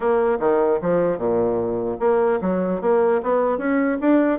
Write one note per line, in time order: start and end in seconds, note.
0.00 0.38 A#3
0.39 0.79 D#3
0.81 1.17 F3
1.17 1.97 A#2
1.99 2.39 A#3
2.41 2.81 F#3
2.81 3.21 A#3
3.22 3.58 B3
3.58 3.98 C#4
4.00 4.39 D4